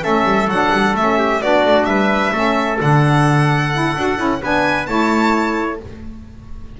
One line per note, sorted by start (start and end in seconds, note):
0.00 0.23 A3
0.00 0.46 C#4
0.00 1.18 A4
0.00 0.49 E5
0.23 0.46 G3
0.47 0.70 F#3
0.47 0.97 D4
0.47 0.95 F#5
0.72 0.93 G3
0.93 1.39 A3
0.93 1.42 C#4
0.93 1.41 E5
1.18 1.41 G4
1.41 1.64 B3
1.41 2.33 D4
1.41 1.88 F#4
1.41 1.85 D5
1.64 1.84 A3
1.84 2.31 G3
1.84 2.32 B4
1.84 2.77 E5
2.32 2.79 A3
2.32 2.77 C#4
2.32 4.40 A4
2.77 3.96 D3
2.77 3.69 D4
2.77 4.42 F#5
3.72 3.95 E4
3.97 4.18 D4
3.97 4.16 F#4
4.16 4.41 C#4
4.16 4.39 E4
4.42 4.88 B3
4.42 4.87 D4
4.42 4.88 B4
4.42 4.86 G#5
4.86 5.80 A3
4.86 5.79 E4
4.86 5.80 C#5
4.86 5.78 A5